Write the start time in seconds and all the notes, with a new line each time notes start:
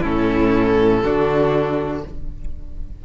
0.00 A2 C#4 E4 A4
1.03 D3 D4 F#4